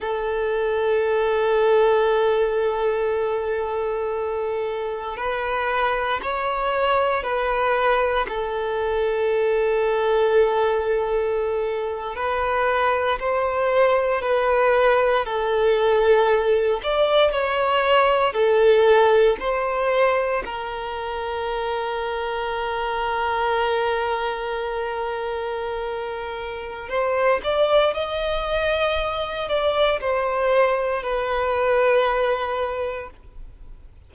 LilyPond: \new Staff \with { instrumentName = "violin" } { \time 4/4 \tempo 4 = 58 a'1~ | a'4 b'4 cis''4 b'4 | a'2.~ a'8. b'16~ | b'8. c''4 b'4 a'4~ a'16~ |
a'16 d''8 cis''4 a'4 c''4 ais'16~ | ais'1~ | ais'2 c''8 d''8 dis''4~ | dis''8 d''8 c''4 b'2 | }